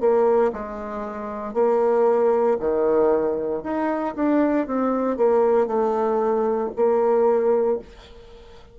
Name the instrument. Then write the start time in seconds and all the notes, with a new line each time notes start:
bassoon
0.00 A#3
0.53 G#3
1.54 A#3
2.60 D#3
3.63 D#4
4.15 D4
4.66 C4
5.17 A#3
5.67 A3
6.76 A#3